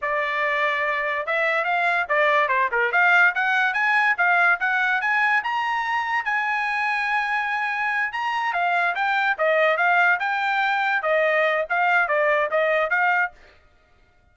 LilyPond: \new Staff \with { instrumentName = "trumpet" } { \time 4/4 \tempo 4 = 144 d''2. e''4 | f''4 d''4 c''8 ais'8 f''4 | fis''4 gis''4 f''4 fis''4 | gis''4 ais''2 gis''4~ |
gis''2.~ gis''8 ais''8~ | ais''8 f''4 g''4 dis''4 f''8~ | f''8 g''2 dis''4. | f''4 d''4 dis''4 f''4 | }